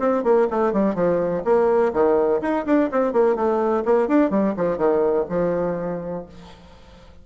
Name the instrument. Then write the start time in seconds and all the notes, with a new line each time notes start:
bassoon
0.00 C4
0.24 A#3
0.51 A3
0.73 G3
0.95 F3
1.45 A#3
1.94 D#3
2.42 D#4
2.66 D4
2.92 C4
3.13 A#3
3.36 A3
3.86 A#3
4.09 D4
4.31 G3
4.57 F3
4.78 D#3
5.30 F3